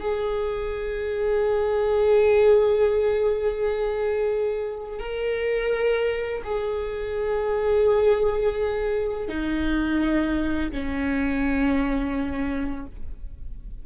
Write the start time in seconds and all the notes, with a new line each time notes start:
0.00 G#4
5.00 A#4
6.44 G#4
9.29 D#4
10.72 C#4